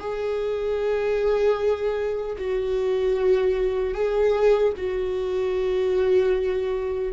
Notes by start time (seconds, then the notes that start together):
0.00 G#4
2.38 F#4
3.94 G#4
4.78 F#4